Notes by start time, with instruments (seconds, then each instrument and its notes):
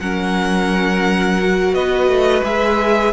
0.00 cello F#3, viola C#4, violin A#4 F#5
1.41 viola F#4
1.73 cello B3, violin B4 D#5
2.08 cello A3
2.44 cello G#3, viola G#4, violin E5